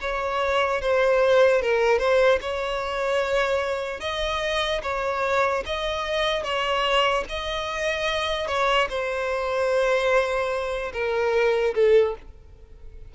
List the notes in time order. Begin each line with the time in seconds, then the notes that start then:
0.00 C#5
0.81 C5
1.61 A#4
1.98 C5
2.41 C#5
4.00 D#5
4.82 C#5
5.65 D#5
6.43 C#5
7.29 D#5
8.47 C#5
8.89 C5
10.93 A#4
11.74 A4